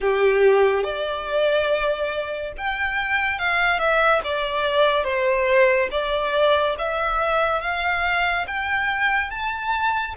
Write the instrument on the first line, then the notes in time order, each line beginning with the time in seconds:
violin
0.00 G4
0.83 D5
2.57 G5
3.38 F5
3.78 E5
4.24 D5
5.04 C5
5.91 D5
6.78 E5
7.61 F5
8.47 G5
9.30 A5